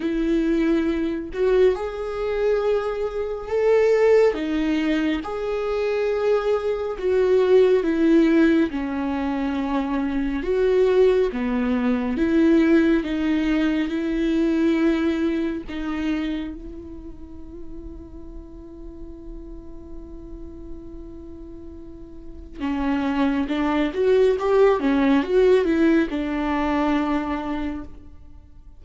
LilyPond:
\new Staff \with { instrumentName = "viola" } { \time 4/4 \tempo 4 = 69 e'4. fis'8 gis'2 | a'4 dis'4 gis'2 | fis'4 e'4 cis'2 | fis'4 b4 e'4 dis'4 |
e'2 dis'4 e'4~ | e'1~ | e'2 cis'4 d'8 fis'8 | g'8 cis'8 fis'8 e'8 d'2 | }